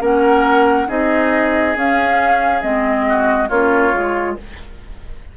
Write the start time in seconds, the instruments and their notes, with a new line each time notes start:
0.00 bassoon A#3, clarinet C#4, oboe A#4, flute F#5
0.87 bassoon C4, clarinet D#4, oboe G#4, flute D#5
1.75 bassoon C#4, clarinet C#4, flute F5
2.61 bassoon G#3, clarinet C4, flute D#5
3.08 oboe F#4
3.48 bassoon A#3, clarinet C#4, oboe F4, flute C#5
3.93 bassoon G#3, clarinet F4